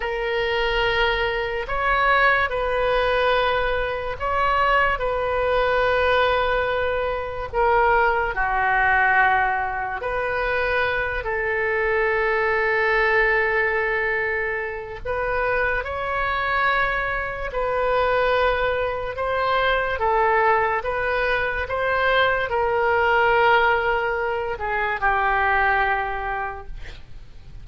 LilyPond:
\new Staff \with { instrumentName = "oboe" } { \time 4/4 \tempo 4 = 72 ais'2 cis''4 b'4~ | b'4 cis''4 b'2~ | b'4 ais'4 fis'2 | b'4. a'2~ a'8~ |
a'2 b'4 cis''4~ | cis''4 b'2 c''4 | a'4 b'4 c''4 ais'4~ | ais'4. gis'8 g'2 | }